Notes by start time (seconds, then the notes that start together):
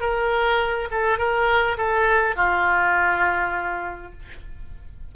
0.00 A#4
0.91 A4
1.18 A#4
1.77 A4
2.35 F4